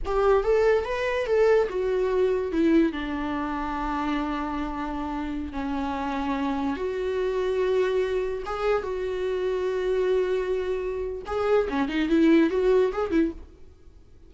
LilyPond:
\new Staff \with { instrumentName = "viola" } { \time 4/4 \tempo 4 = 144 g'4 a'4 b'4 a'4 | fis'2 e'4 d'4~ | d'1~ | d'4~ d'16 cis'2~ cis'8.~ |
cis'16 fis'2.~ fis'8.~ | fis'16 gis'4 fis'2~ fis'8.~ | fis'2. gis'4 | cis'8 dis'8 e'4 fis'4 gis'8 e'8 | }